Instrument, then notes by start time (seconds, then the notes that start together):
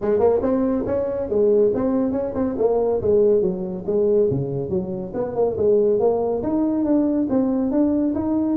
tuba
0.01 G#3
0.19 A#3
0.42 C4
0.86 C#4
1.29 G#3
1.74 C4
2.11 C#4
2.35 C4
2.58 A#3
3.01 G#3
3.41 F#3
3.86 G#3
4.30 C#3
4.69 F#3
5.14 B3
5.35 A#3
5.57 G#3
5.99 A#3
6.42 D#4
6.85 D4
7.29 C4
7.71 D4
8.14 D#4